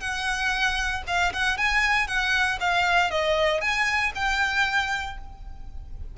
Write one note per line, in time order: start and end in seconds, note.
0.00 1.03 F#5
1.07 1.32 F5
1.33 1.57 F#5
1.57 2.07 G#5
2.07 2.58 F#5
2.60 3.10 F5
3.10 3.61 D#5
3.61 4.12 G#5
4.15 5.17 G5